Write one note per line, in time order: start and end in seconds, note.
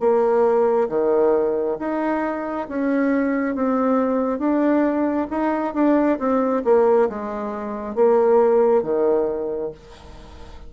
0.00 0.88 A#3
0.89 1.77 D#3
1.80 2.68 D#4
2.69 3.55 C#4
3.55 4.39 C4
4.39 5.27 D4
5.31 5.74 D#4
5.74 6.18 D4
6.19 6.63 C4
6.65 7.09 A#3
7.09 7.96 G#3
7.96 8.83 A#3
8.83 9.71 D#3